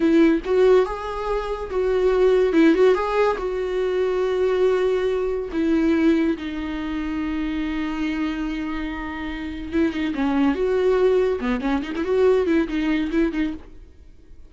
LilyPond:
\new Staff \with { instrumentName = "viola" } { \time 4/4 \tempo 4 = 142 e'4 fis'4 gis'2 | fis'2 e'8 fis'8 gis'4 | fis'1~ | fis'4 e'2 dis'4~ |
dis'1~ | dis'2. e'8 dis'8 | cis'4 fis'2 b8 cis'8 | dis'16 e'16 fis'4 e'8 dis'4 e'8 dis'8 | }